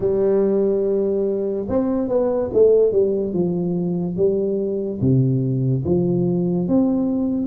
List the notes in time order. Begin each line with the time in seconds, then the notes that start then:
0.00 G3
1.68 C4
2.08 B3
2.53 A3
2.92 G3
3.33 F3
4.16 G3
5.00 C3
5.84 F3
6.67 C4